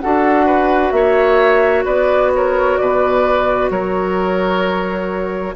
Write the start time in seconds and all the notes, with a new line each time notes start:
0.00 D4 F#4 A4 F#5
0.46 B4
0.91 A#3 C#5 E5
1.85 B3 B4 D5
2.35 A#4 C#5
2.77 B2 B4 D5
3.70 F#3 A#4 C#5